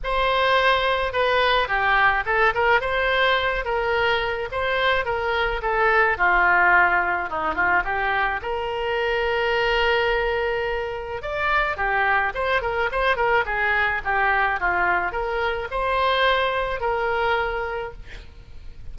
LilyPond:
\new Staff \with { instrumentName = "oboe" } { \time 4/4 \tempo 4 = 107 c''2 b'4 g'4 | a'8 ais'8 c''4. ais'4. | c''4 ais'4 a'4 f'4~ | f'4 dis'8 f'8 g'4 ais'4~ |
ais'1 | d''4 g'4 c''8 ais'8 c''8 ais'8 | gis'4 g'4 f'4 ais'4 | c''2 ais'2 | }